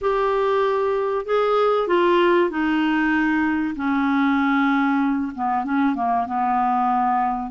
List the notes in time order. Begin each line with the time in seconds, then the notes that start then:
0.01 G4
1.25 G#4
1.87 F4
2.49 D#4
3.76 C#4
5.35 B3
5.64 C#4
5.95 A#3
6.26 B3